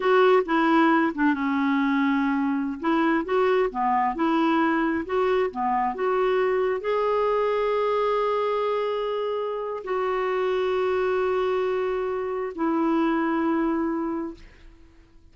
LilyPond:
\new Staff \with { instrumentName = "clarinet" } { \time 4/4 \tempo 4 = 134 fis'4 e'4. d'8 cis'4~ | cis'2~ cis'16 e'4 fis'8.~ | fis'16 b4 e'2 fis'8.~ | fis'16 b4 fis'2 gis'8.~ |
gis'1~ | gis'2 fis'2~ | fis'1 | e'1 | }